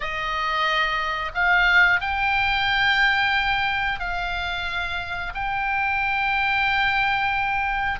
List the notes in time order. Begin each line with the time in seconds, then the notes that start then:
0.00 D#5
1.34 F5
2.01 G5
3.99 F5
5.34 G5